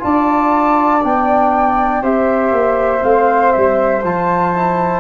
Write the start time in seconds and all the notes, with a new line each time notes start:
0.00 D4 F4 D5 A5
1.03 B3 D4 G5
2.02 C4 G4 C5 E5
2.52 A#3
3.01 A3 C4 F5
3.52 G3 E5
4.03 F3 F4 A5
4.55 E4